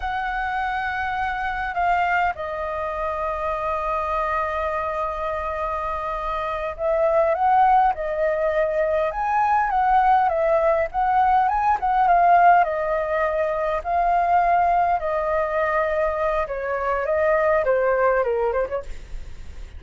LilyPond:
\new Staff \with { instrumentName = "flute" } { \time 4/4 \tempo 4 = 102 fis''2. f''4 | dis''1~ | dis''2.~ dis''8 e''8~ | e''8 fis''4 dis''2 gis''8~ |
gis''8 fis''4 e''4 fis''4 gis''8 | fis''8 f''4 dis''2 f''8~ | f''4. dis''2~ dis''8 | cis''4 dis''4 c''4 ais'8 c''16 cis''16 | }